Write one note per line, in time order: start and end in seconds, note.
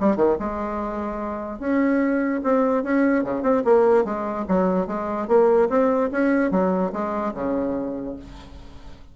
0.00 0.17 G3
0.17 0.37 D#3
0.40 1.60 G#3
1.60 2.42 C#4
2.44 2.84 C4
2.84 3.24 C#4
3.24 3.43 C#3
3.43 3.63 C4
3.65 4.05 A#3
4.05 4.46 G#3
4.49 4.87 F#3
4.87 5.28 G#3
5.28 5.69 A#3
5.70 6.11 C4
6.12 6.52 C#4
6.52 6.92 F#3
6.93 7.34 G#3
7.35 8.16 C#3